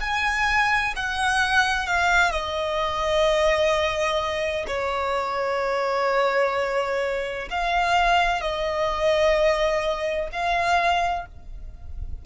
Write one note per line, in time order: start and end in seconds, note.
0.00 0.94 G#5
0.96 1.87 F#5
1.87 2.31 F5
2.31 4.65 D#5
4.67 7.48 C#5
7.50 8.41 F5
8.41 10.28 D#5
10.32 11.25 F5